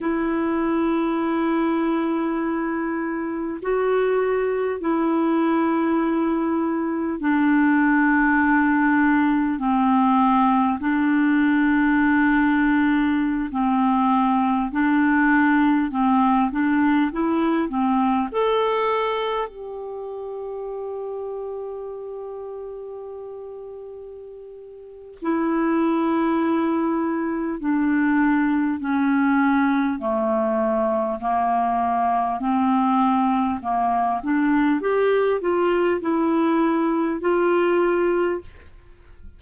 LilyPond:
\new Staff \with { instrumentName = "clarinet" } { \time 4/4 \tempo 4 = 50 e'2. fis'4 | e'2 d'2 | c'4 d'2~ d'16 c'8.~ | c'16 d'4 c'8 d'8 e'8 c'8 a'8.~ |
a'16 g'2.~ g'8.~ | g'4 e'2 d'4 | cis'4 a4 ais4 c'4 | ais8 d'8 g'8 f'8 e'4 f'4 | }